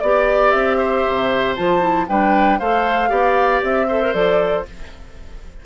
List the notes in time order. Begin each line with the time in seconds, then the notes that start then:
0.00 B3 G4 D5
0.51 C4 E5
0.78 C5
1.09 C3
1.56 F3 F4 A5
1.80 E4
2.09 G3 D4 B4 G5
2.59 A3 A4 C5 F5
3.09 B3 G4 D5
3.63 C4 E5
3.88 A4 C5
4.02 A#4
4.13 F3 A4 D5